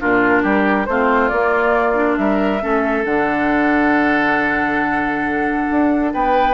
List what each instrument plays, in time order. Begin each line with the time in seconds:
0.00 bassoon A#2, clarinet D4, oboe F4, flute A#4
0.43 bassoon G3, oboe G4
0.86 bassoon A3, clarinet C4, oboe F4, flute C5
1.29 bassoon A#3, clarinet A#3, flute D5
1.94 clarinet D4
2.18 bassoon G3, oboe A#4, flute E5
2.62 bassoon A3, clarinet C#4, oboe A4
3.05 bassoon D3, clarinet D4, flute F#5
5.71 bassoon D4
6.13 bassoon B3, oboe B4, flute G5